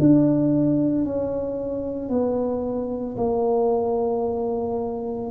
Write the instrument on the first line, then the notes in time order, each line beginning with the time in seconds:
tuba
0.00 D4
1.05 C#4
2.09 B3
3.17 A#3